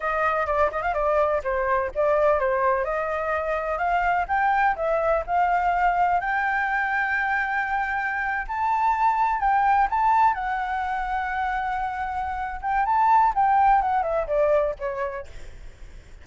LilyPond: \new Staff \with { instrumentName = "flute" } { \time 4/4 \tempo 4 = 126 dis''4 d''8 dis''16 f''16 d''4 c''4 | d''4 c''4 dis''2 | f''4 g''4 e''4 f''4~ | f''4 g''2.~ |
g''4.~ g''16 a''2 g''16~ | g''8. a''4 fis''2~ fis''16~ | fis''2~ fis''8 g''8 a''4 | g''4 fis''8 e''8 d''4 cis''4 | }